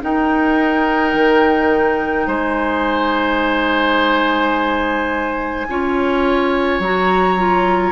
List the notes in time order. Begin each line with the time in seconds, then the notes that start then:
0.00 D#4 A#4 G5
1.14 D#3
2.26 G#3 C5 G#5
5.69 C#4 F4 C#5
6.79 F#3 F#4 A#5
7.38 F4